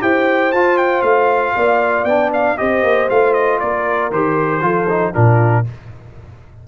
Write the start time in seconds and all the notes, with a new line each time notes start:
0.00 E4 G4 C5 G5
0.52 F4 A5
0.77 G5
1.02 A3 F5
1.56 A#3 D5
2.04 B3 D4 G5
2.33 F5
2.57 C4 G4 C5 D#5
2.83 A#3
3.09 A3 F4 F5
3.33 D#5
3.60 A#3 A#4 D5
4.11 D#3 G4 C5
4.61 F3 F4 A4
4.89 D#4
5.13 A#2 D4 F4 A#4